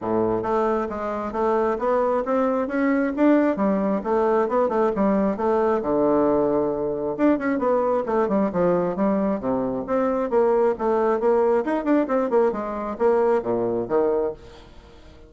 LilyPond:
\new Staff \with { instrumentName = "bassoon" } { \time 4/4 \tempo 4 = 134 a,4 a4 gis4 a4 | b4 c'4 cis'4 d'4 | g4 a4 b8 a8 g4 | a4 d2. |
d'8 cis'8 b4 a8 g8 f4 | g4 c4 c'4 ais4 | a4 ais4 dis'8 d'8 c'8 ais8 | gis4 ais4 ais,4 dis4 | }